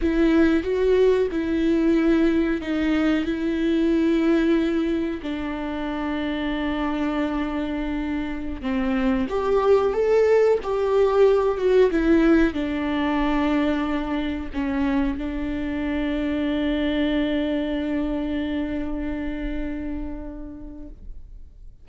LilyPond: \new Staff \with { instrumentName = "viola" } { \time 4/4 \tempo 4 = 92 e'4 fis'4 e'2 | dis'4 e'2. | d'1~ | d'4~ d'16 c'4 g'4 a'8.~ |
a'16 g'4. fis'8 e'4 d'8.~ | d'2~ d'16 cis'4 d'8.~ | d'1~ | d'1 | }